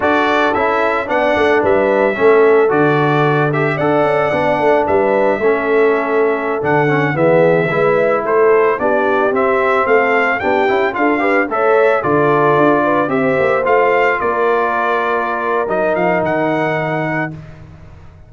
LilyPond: <<
  \new Staff \with { instrumentName = "trumpet" } { \time 4/4 \tempo 4 = 111 d''4 e''4 fis''4 e''4~ | e''4 d''4. e''8 fis''4~ | fis''4 e''2.~ | e''16 fis''4 e''2 c''8.~ |
c''16 d''4 e''4 f''4 g''8.~ | g''16 f''4 e''4 d''4.~ d''16~ | d''16 e''4 f''4 d''4.~ d''16~ | d''4 dis''8 f''8 fis''2 | }
  \new Staff \with { instrumentName = "horn" } { \time 4/4 a'2 d''4 b'4 | a'2. d''4~ | d''4 b'4 a'2~ | a'4~ a'16 gis'4 b'4 a'8.~ |
a'16 g'2 a'4 g'8.~ | g'16 a'8 b'8 cis''4 a'4. b'16~ | b'16 c''2 ais'4.~ ais'16~ | ais'1 | }
  \new Staff \with { instrumentName = "trombone" } { \time 4/4 fis'4 e'4 d'2 | cis'4 fis'4. g'8 a'4 | d'2 cis'2~ | cis'16 d'8 cis'8 b4 e'4.~ e'16~ |
e'16 d'4 c'2 d'8 e'16~ | e'16 f'8 g'8 a'4 f'4.~ f'16~ | f'16 g'4 f'2~ f'8.~ | f'4 dis'2. | }
  \new Staff \with { instrumentName = "tuba" } { \time 4/4 d'4 cis'4 b8 a8 g4 | a4 d2 d'8 cis'8 | b8 a8 g4 a2~ | a16 d4 e4 gis4 a8.~ |
a16 b4 c'4 a4 b8 cis'16~ | cis'16 d'4 a4 d4 d'8.~ | d'16 c'8 ais8 a4 ais4.~ ais16~ | ais4 fis8 f8 dis2 | }
>>